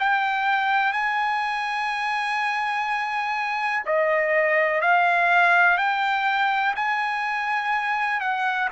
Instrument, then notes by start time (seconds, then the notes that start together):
trumpet
0.00 G5
0.93 G#5
3.86 D#5
4.82 F5
5.78 G5
6.76 G#5
8.21 F#5